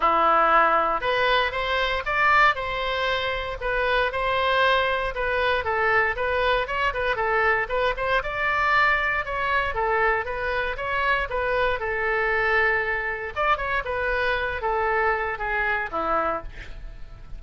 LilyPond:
\new Staff \with { instrumentName = "oboe" } { \time 4/4 \tempo 4 = 117 e'2 b'4 c''4 | d''4 c''2 b'4 | c''2 b'4 a'4 | b'4 cis''8 b'8 a'4 b'8 c''8 |
d''2 cis''4 a'4 | b'4 cis''4 b'4 a'4~ | a'2 d''8 cis''8 b'4~ | b'8 a'4. gis'4 e'4 | }